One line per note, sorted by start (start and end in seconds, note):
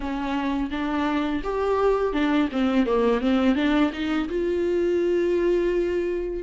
0.00 0.70 C#4
0.70 1.42 D4
1.43 2.12 G4
2.12 2.48 D4
2.52 2.85 C4
2.85 3.20 A#3
3.20 3.55 C4
3.55 3.91 D4
3.92 4.28 D#4
4.29 6.43 F4